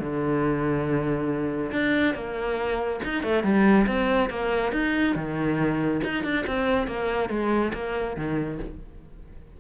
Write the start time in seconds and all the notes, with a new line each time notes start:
0.00 D3
1.72 D4
2.14 A#3
3.04 D#4
3.23 A3
3.43 G3
3.87 C4
4.30 A#3
4.72 D#4
5.15 D#3
6.04 D#4
6.24 D4
6.46 C4
6.87 A#3
7.29 G#3
7.74 A#3
8.16 D#3